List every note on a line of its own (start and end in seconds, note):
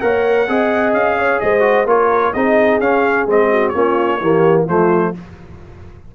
0.00 0.48 A#3
0.00 0.47 A#4
0.00 0.49 C#5
0.00 0.93 F#5
0.47 0.93 C4
0.47 1.60 G#4
0.47 1.18 D#5
0.93 1.40 C#4
0.93 1.40 F5
1.18 1.41 C#5
1.40 1.85 G#3
1.40 1.88 C5
1.40 1.86 D#5
1.60 1.83 F#4
1.85 2.31 A#3
1.85 2.33 F4
1.85 2.33 A#4
1.85 2.33 C#5
2.33 2.79 C4
2.33 2.81 D#4
2.33 3.49 G#4
2.33 2.79 D#5
2.79 3.26 C#4
2.79 3.27 C#4
2.79 3.27 F5
3.26 3.73 G#3
3.26 3.74 C4
3.26 3.68 D#5
3.50 3.73 F#4
3.68 4.21 A#3
3.68 4.20 C#4
3.68 4.20 F4
3.68 4.61 C#5
4.20 4.67 E3
4.20 4.67 A#3
4.20 4.64 G4
4.64 5.14 F3
4.64 5.14 A3
4.64 5.11 F4
4.64 5.15 C5